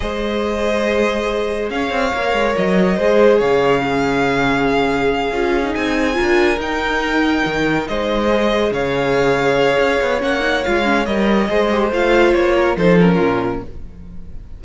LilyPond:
<<
  \new Staff \with { instrumentName = "violin" } { \time 4/4 \tempo 4 = 141 dis''1 | f''2 dis''2 | f''1~ | f''4. gis''2 g''8~ |
g''2~ g''8 dis''4.~ | dis''8 f''2.~ f''8 | fis''4 f''4 dis''2 | f''4 cis''4 c''8 ais'4. | }
  \new Staff \with { instrumentName = "violin" } { \time 4/4 c''1 | cis''2. c''4 | cis''4 gis'2.~ | gis'2~ gis'8 ais'4.~ |
ais'2~ ais'8 c''4.~ | c''8 cis''2.~ cis''8~ | cis''2. c''4~ | c''4. ais'8 a'4 f'4 | }
  \new Staff \with { instrumentName = "viola" } { \time 4/4 gis'1~ | gis'4 ais'2 gis'4~ | gis'4 cis'2.~ | cis'8 f'8. dis'4~ dis'16 f'4 dis'8~ |
dis'2.~ dis'8 gis'8~ | gis'1 | cis'8 dis'8 f'8 cis'8 ais'4 gis'8 g'8 | f'2 dis'8 cis'4. | }
  \new Staff \with { instrumentName = "cello" } { \time 4/4 gis1 | cis'8 c'8 ais8 gis8 fis4 gis4 | cis1~ | cis8 cis'4 c'4 d'4 dis'8~ |
dis'4. dis4 gis4.~ | gis8 cis2~ cis8 cis'8 b8 | ais4 gis4 g4 gis4 | a4 ais4 f4 ais,4 | }
>>